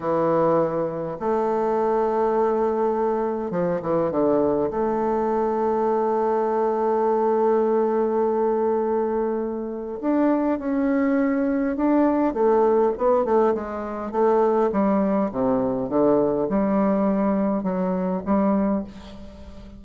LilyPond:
\new Staff \with { instrumentName = "bassoon" } { \time 4/4 \tempo 4 = 102 e2 a2~ | a2 f8 e8 d4 | a1~ | a1~ |
a4 d'4 cis'2 | d'4 a4 b8 a8 gis4 | a4 g4 c4 d4 | g2 fis4 g4 | }